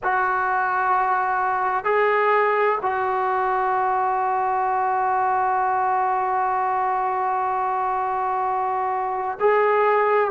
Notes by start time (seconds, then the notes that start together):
0.03 F#4
1.84 G#4
2.82 F#4
9.40 G#4